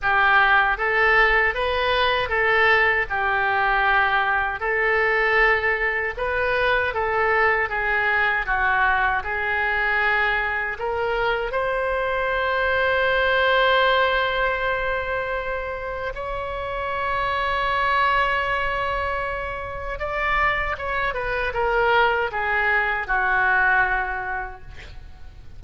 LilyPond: \new Staff \with { instrumentName = "oboe" } { \time 4/4 \tempo 4 = 78 g'4 a'4 b'4 a'4 | g'2 a'2 | b'4 a'4 gis'4 fis'4 | gis'2 ais'4 c''4~ |
c''1~ | c''4 cis''2.~ | cis''2 d''4 cis''8 b'8 | ais'4 gis'4 fis'2 | }